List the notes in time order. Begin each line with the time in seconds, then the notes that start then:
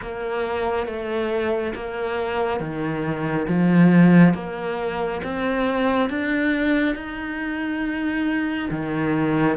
0.01 A#3
0.86 A3
1.74 A#3
2.59 D#3
3.47 F3
4.34 A#3
5.23 C4
6.09 D4
6.95 D#4
8.70 D#3